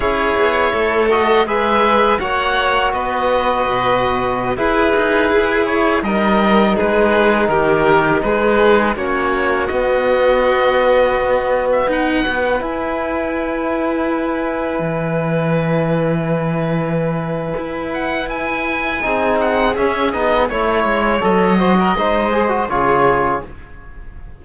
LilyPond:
<<
  \new Staff \with { instrumentName = "oboe" } { \time 4/4 \tempo 4 = 82 cis''4. dis''8 e''4 fis''4 | dis''2~ dis''16 b'4. cis''16~ | cis''16 dis''4 b'4 ais'4 b'8.~ | b'16 cis''4 dis''2~ dis''8. |
e''16 fis''4 gis''2~ gis''8.~ | gis''1~ | gis''8 fis''8 gis''4. fis''8 e''8 dis''8 | cis''4 dis''2 cis''4 | }
  \new Staff \with { instrumentName = "violin" } { \time 4/4 gis'4 a'4 b'4 cis''4 | b'2~ b'16 gis'4.~ gis'16~ | gis'16 ais'4 gis'4 g'4 gis'8.~ | gis'16 fis'2.~ fis'8.~ |
fis'16 b'2.~ b'8.~ | b'1~ | b'2 gis'2 | cis''4. c''16 ais'16 c''4 gis'4 | }
  \new Staff \with { instrumentName = "trombone" } { \time 4/4 e'4. fis'8 gis'4 fis'4~ | fis'2~ fis'16 e'4.~ e'16~ | e'16 dis'2.~ dis'8.~ | dis'16 cis'4 b2~ b8.~ |
b8. fis'8 e'2~ e'8.~ | e'1~ | e'2 dis'4 cis'8 dis'8 | e'4 a'8 fis'8 dis'8 gis'16 fis'16 f'4 | }
  \new Staff \with { instrumentName = "cello" } { \time 4/4 cis'8 b8 a4 gis4 ais4 | b4 b,4~ b,16 e'8 dis'8 e'8.~ | e'16 g4 gis4 dis4 gis8.~ | gis16 ais4 b2~ b8.~ |
b16 dis'8 b8 e'2~ e'8.~ | e'16 e2.~ e8. | e'2 c'4 cis'8 b8 | a8 gis8 fis4 gis4 cis4 | }
>>